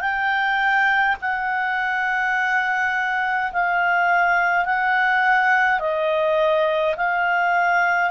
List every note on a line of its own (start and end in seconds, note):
0.00 1.15 G5
1.21 3.52 F#5
3.52 4.65 F5
4.65 5.80 F#5
5.80 6.95 D#5
6.96 8.10 F5